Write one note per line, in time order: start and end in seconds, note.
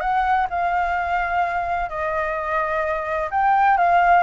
0.00 0.47 F#5
0.49 1.89 F5
1.89 3.30 D#5
3.30 3.77 G5
3.77 4.23 F5